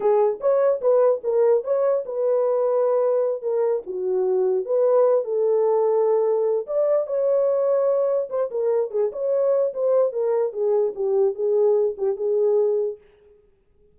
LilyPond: \new Staff \with { instrumentName = "horn" } { \time 4/4 \tempo 4 = 148 gis'4 cis''4 b'4 ais'4 | cis''4 b'2.~ | b'8 ais'4 fis'2 b'8~ | b'4 a'2.~ |
a'8 d''4 cis''2~ cis''8~ | cis''8 c''8 ais'4 gis'8 cis''4. | c''4 ais'4 gis'4 g'4 | gis'4. g'8 gis'2 | }